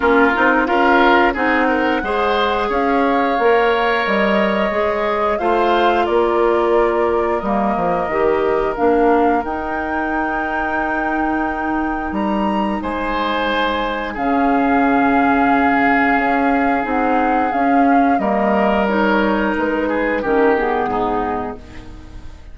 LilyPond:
<<
  \new Staff \with { instrumentName = "flute" } { \time 4/4 \tempo 4 = 89 ais'4 f''4 fis''2 | f''2 dis''2 | f''4 d''2 dis''4~ | dis''4 f''4 g''2~ |
g''2 ais''4 gis''4~ | gis''4 f''2.~ | f''4 fis''4 f''4 dis''4 | cis''4 b'4 ais'8 gis'4. | }
  \new Staff \with { instrumentName = "oboe" } { \time 4/4 f'4 ais'4 gis'8 ais'8 c''4 | cis''1 | c''4 ais'2.~ | ais'1~ |
ais'2. c''4~ | c''4 gis'2.~ | gis'2. ais'4~ | ais'4. gis'8 g'4 dis'4 | }
  \new Staff \with { instrumentName = "clarinet" } { \time 4/4 cis'8 dis'8 f'4 dis'4 gis'4~ | gis'4 ais'2 gis'4 | f'2. ais4 | g'4 d'4 dis'2~ |
dis'1~ | dis'4 cis'2.~ | cis'4 dis'4 cis'4 ais4 | dis'2 cis'8 b4. | }
  \new Staff \with { instrumentName = "bassoon" } { \time 4/4 ais8 c'8 cis'4 c'4 gis4 | cis'4 ais4 g4 gis4 | a4 ais2 g8 f8 | dis4 ais4 dis'2~ |
dis'2 g4 gis4~ | gis4 cis2. | cis'4 c'4 cis'4 g4~ | g4 gis4 dis4 gis,4 | }
>>